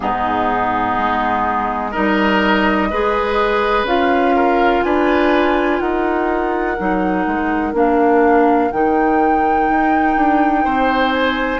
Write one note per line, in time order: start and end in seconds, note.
0.00 0.97 G#2
0.00 1.92 B3
0.00 1.91 D#4
0.00 1.92 G#4
0.98 1.95 G#3
1.91 2.92 G3
1.91 2.89 D#4
1.91 2.87 A#4
1.91 3.86 D#5
2.90 3.83 G#3
2.90 3.86 G#4
2.90 4.35 B4
3.83 4.80 C#4
3.83 6.77 F4
3.83 4.83 F5
4.35 4.84 A#4
4.83 5.80 D4
4.83 5.81 B4
4.83 5.79 G#5
5.79 6.77 D#4
5.79 10.64 A#4
5.79 7.73 F#5
6.78 7.26 F#3
6.78 7.73 D#4
7.26 7.73 G#3
7.73 8.70 A#3
7.73 8.70 D4
7.73 8.71 F5
8.71 9.69 D#3
8.71 11.59 D#4
8.71 11.12 G5
9.69 10.16 D#4
10.16 10.65 D4
10.64 11.59 C4
10.64 11.59 C5
11.12 11.59 G#5